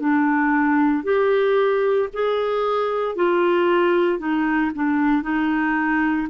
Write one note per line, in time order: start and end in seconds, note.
0.00 1.04 D4
1.04 2.09 G4
2.13 3.15 G#4
3.15 4.19 F4
4.19 4.71 D#4
4.75 5.22 D4
5.22 6.28 D#4